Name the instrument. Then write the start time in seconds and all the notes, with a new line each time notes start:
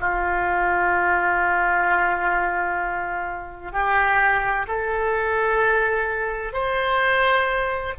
oboe
0.00 F4
3.72 G4
4.67 A4
6.53 C5